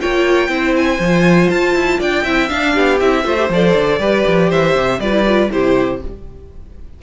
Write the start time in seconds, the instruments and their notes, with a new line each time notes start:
0.00 cello A#3, viola F4, violin C#5 G5
0.48 cello C4, viola E4, violin C5
0.76 violin G#5
0.99 cello F3, viola F4
1.50 cello F4, violin A5
1.74 cello E4
1.99 cello D4, violin D5 G5
2.24 cello C4, viola E4, violin E5
2.49 viola D4, cello D4, violin F5
2.74 cello B3, violin G4
3.00 cello C4, viola E4, violin E5
3.24 cello A3, viola F4, violin C5
3.38 viola G4
3.49 cello F3, viola A4, violin D5
3.75 cello D3
3.99 cello G3, viola G4, violin B4
4.27 cello F3
4.49 cello E3, violin C5 E5
4.75 cello C3
4.99 cello G3, viola F4, violin B4 D5
5.12 viola E4
5.27 viola F4
5.51 cello C3, viola E4, violin G4 C5